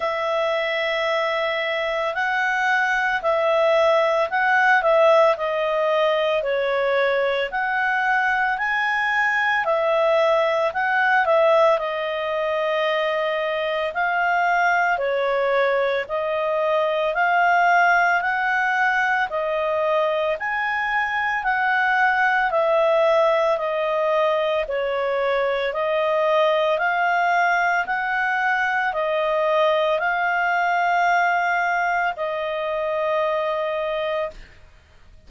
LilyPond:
\new Staff \with { instrumentName = "clarinet" } { \time 4/4 \tempo 4 = 56 e''2 fis''4 e''4 | fis''8 e''8 dis''4 cis''4 fis''4 | gis''4 e''4 fis''8 e''8 dis''4~ | dis''4 f''4 cis''4 dis''4 |
f''4 fis''4 dis''4 gis''4 | fis''4 e''4 dis''4 cis''4 | dis''4 f''4 fis''4 dis''4 | f''2 dis''2 | }